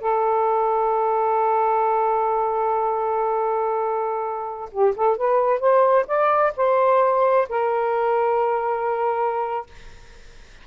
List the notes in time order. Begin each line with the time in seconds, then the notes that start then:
0.00 A4
4.71 G4
4.95 A4
5.17 B4
5.60 C5
6.07 D5
6.56 C5
7.49 A#4